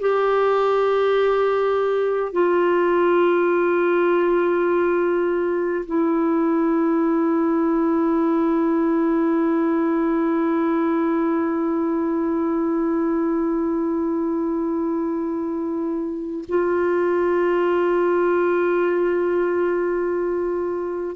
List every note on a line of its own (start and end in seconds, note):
0.00 2.32 G4
2.32 5.85 F4
5.86 16.44 E4
16.49 21.16 F4